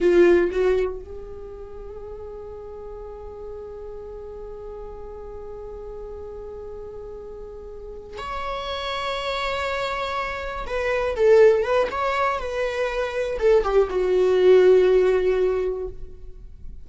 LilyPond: \new Staff \with { instrumentName = "viola" } { \time 4/4 \tempo 4 = 121 f'4 fis'4 gis'2~ | gis'1~ | gis'1~ | gis'1~ |
gis'8 cis''2.~ cis''8~ | cis''4. b'4 a'4 b'8 | cis''4 b'2 a'8 g'8 | fis'1 | }